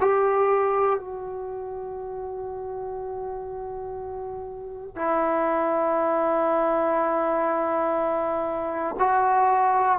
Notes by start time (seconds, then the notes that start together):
0.00 G4
0.99 F#4
4.95 E4
8.99 F#4